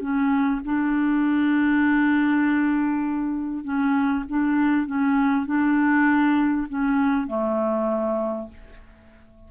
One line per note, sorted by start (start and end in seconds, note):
0.00 0.61 C#4
0.65 3.64 D4
3.64 4.24 C#4
4.29 4.86 D4
4.86 5.46 C#4
5.46 6.67 D4
6.69 7.27 C#4
7.27 8.48 A3